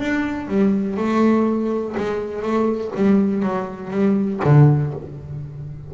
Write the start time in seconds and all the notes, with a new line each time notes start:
0.00 D4
0.48 G3
0.97 A3
1.97 G#3
2.42 A3
2.96 G3
3.43 F#3
3.91 G3
4.44 D3